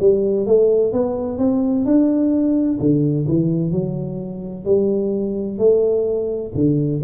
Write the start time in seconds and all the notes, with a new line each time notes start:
0.00 G3
0.46 A3
0.92 B3
1.38 C4
1.85 D4
2.80 D3
3.28 E3
3.72 F#3
4.65 G3
5.58 A3
6.55 D3